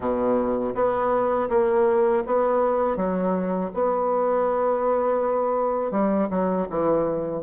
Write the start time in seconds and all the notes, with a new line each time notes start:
0.00 B2
0.74 B3
1.49 A#3
2.26 B3
2.96 F#3
3.73 B3
5.91 G3
6.30 F#3
6.70 E3